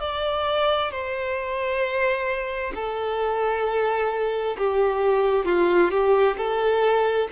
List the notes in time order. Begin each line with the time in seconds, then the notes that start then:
0.00 D5
0.91 C5
2.75 A4
4.57 G4
5.45 F4
5.91 G4
6.37 A4